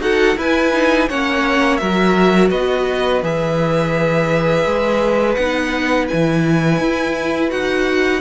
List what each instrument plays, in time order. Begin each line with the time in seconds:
0.00 cello D#4, viola F#4, violin A4 F#5
0.37 viola E4, cello E4, violin B4 G#5
0.73 viola D#4
1.09 cello A#3, viola C#4, violin C#5 F#5
1.77 cello F#3, viola F#4, violin A#4 E5
2.50 cello B3, violin B4 D#5
3.22 cello E3, viola G#4, violin E5
4.66 cello G#3
5.34 cello B3, viola D#4, violin F#5
6.08 cello E3, viola E4, violin G#5
6.80 cello E4
7.49 cello D#4, viola F#4, violin F#5